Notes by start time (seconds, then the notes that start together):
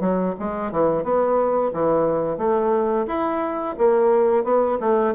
0.00 F#3
0.39 G#3
0.72 E3
1.03 B3
1.73 E3
2.37 A3
3.07 E4
3.77 A#3
4.43 B3
4.80 A3